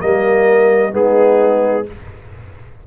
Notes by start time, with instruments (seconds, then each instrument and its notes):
0.00 tuba G3, trombone A#3, horn A#4, trumpet D#5
0.91 tuba G#3, trombone B3, horn D#4, trumpet G#4